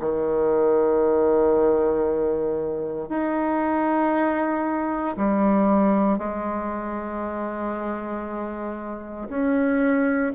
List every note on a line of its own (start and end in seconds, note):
0.00 3.09 D#3
3.09 5.16 D#4
5.17 6.18 G3
6.18 9.28 G#3
9.29 10.32 C#4